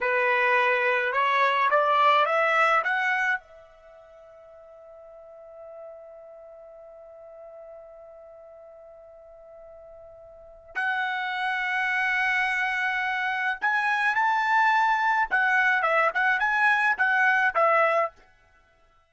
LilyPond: \new Staff \with { instrumentName = "trumpet" } { \time 4/4 \tempo 4 = 106 b'2 cis''4 d''4 | e''4 fis''4 e''2~ | e''1~ | e''1~ |
e''2. fis''4~ | fis''1 | gis''4 a''2 fis''4 | e''8 fis''8 gis''4 fis''4 e''4 | }